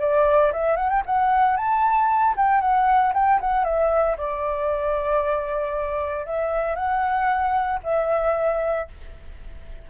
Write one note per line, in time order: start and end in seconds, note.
0.00 0.52 D5
0.53 0.77 E5
0.77 0.90 F#5
0.90 1.03 G5
1.06 1.57 F#5
1.57 2.35 A5
2.37 2.61 G5
2.61 3.13 F#5
3.14 3.40 G5
3.41 3.65 F#5
3.65 4.17 E5
4.18 6.26 D5
6.26 6.76 E5
6.76 7.80 F#5
7.84 8.88 E5